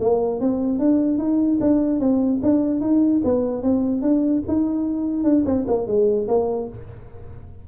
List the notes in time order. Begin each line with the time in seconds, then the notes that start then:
0.00 A#3
0.40 C4
0.79 D4
1.18 D#4
1.61 D4
2.00 C4
2.43 D4
2.81 D#4
3.24 B3
3.62 C4
4.02 D4
4.48 D#4
5.24 D4
5.46 C4
5.67 A#3
5.87 G#3
6.28 A#3